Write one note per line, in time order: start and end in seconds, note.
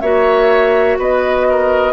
0.00 0.97 A#3
0.00 1.93 F#4
0.00 0.98 C#5
0.00 0.97 E5
0.97 1.93 B3
0.97 1.47 B4
0.97 1.93 D#5
1.49 1.93 A#4